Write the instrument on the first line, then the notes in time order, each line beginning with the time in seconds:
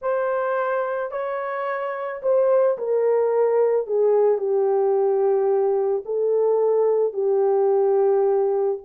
horn
0.01 C5
1.11 C#5
2.22 C5
2.78 A#4
3.86 G#4
4.38 G4
6.05 A4
7.13 G4